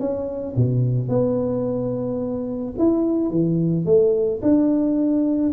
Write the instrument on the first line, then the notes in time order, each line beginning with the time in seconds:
tuba
0.00 C#4
0.56 B2
1.09 B3
2.78 E4
3.30 E3
3.86 A3
4.42 D4